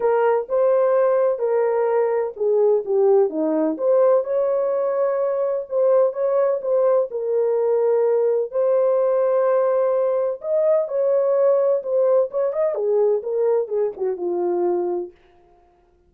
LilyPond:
\new Staff \with { instrumentName = "horn" } { \time 4/4 \tempo 4 = 127 ais'4 c''2 ais'4~ | ais'4 gis'4 g'4 dis'4 | c''4 cis''2. | c''4 cis''4 c''4 ais'4~ |
ais'2 c''2~ | c''2 dis''4 cis''4~ | cis''4 c''4 cis''8 dis''8 gis'4 | ais'4 gis'8 fis'8 f'2 | }